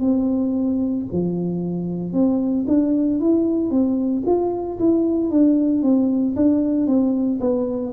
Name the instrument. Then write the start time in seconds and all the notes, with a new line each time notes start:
tuba
0.00 C4
1.12 F3
2.12 C4
2.67 D4
3.20 E4
3.70 C4
4.26 F4
4.79 E4
5.31 D4
5.82 C4
6.36 D4
6.87 C4
7.40 B3